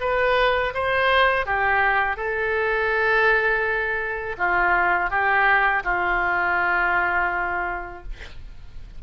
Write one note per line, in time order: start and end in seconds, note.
0.00 0.73 B4
0.74 1.46 C5
1.46 2.16 G4
2.16 4.36 A4
4.38 5.10 F4
5.10 5.83 G4
5.83 8.03 F4